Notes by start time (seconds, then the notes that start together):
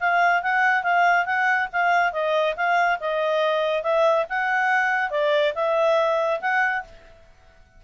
0.00 F5
0.42 F#5
0.83 F5
1.26 F#5
1.72 F5
2.13 D#5
2.56 F5
3.00 D#5
3.83 E5
4.29 F#5
5.11 D5
5.55 E5
6.41 F#5